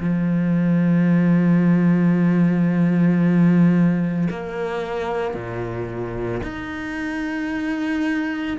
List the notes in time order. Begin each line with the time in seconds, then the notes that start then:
0.00 F3
4.31 A#3
5.34 A#2
6.43 D#4